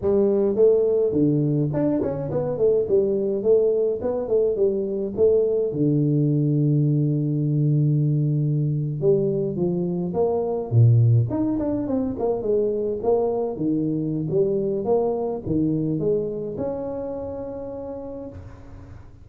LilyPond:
\new Staff \with { instrumentName = "tuba" } { \time 4/4 \tempo 4 = 105 g4 a4 d4 d'8 cis'8 | b8 a8 g4 a4 b8 a8 | g4 a4 d2~ | d2.~ d8. g16~ |
g8. f4 ais4 ais,4 dis'16~ | dis'16 d'8 c'8 ais8 gis4 ais4 dis16~ | dis4 g4 ais4 dis4 | gis4 cis'2. | }